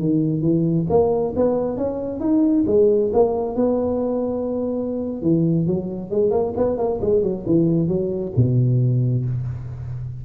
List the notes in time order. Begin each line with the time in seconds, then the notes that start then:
0.00 D#3
0.42 E3
0.90 A#3
1.36 B3
1.78 C#4
2.20 D#4
2.67 G#3
3.14 A#3
3.56 B3
5.23 E3
5.67 F#3
6.11 G#3
6.31 A#3
6.57 B3
6.78 A#3
7.02 G#3
7.23 F#3
7.46 E3
7.88 F#3
8.37 B2